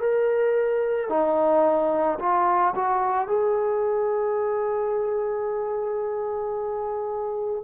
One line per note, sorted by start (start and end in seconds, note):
0.00 1.09 A#4
1.10 2.19 D#4
2.19 2.74 F4
2.75 3.28 F#4
3.28 7.64 G#4